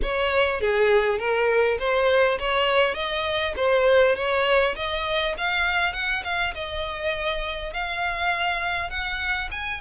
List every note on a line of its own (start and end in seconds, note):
0.02 0.60 C#5
0.60 1.18 G#4
1.18 1.78 A#4
1.79 2.38 C5
2.39 2.94 C#5
2.94 3.53 D#5
3.56 4.15 C5
4.15 4.75 C#5
4.75 5.35 D#5
5.37 5.93 F5
5.93 6.23 F#5
6.24 6.53 F5
6.54 7.73 D#5
7.73 8.89 F5
8.89 9.49 F#5
9.51 9.80 G#5